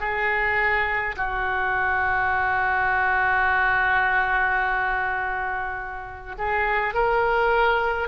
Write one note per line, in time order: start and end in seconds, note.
0.00 1.15 G#4
1.16 6.36 F#4
6.38 6.94 G#4
6.94 8.08 A#4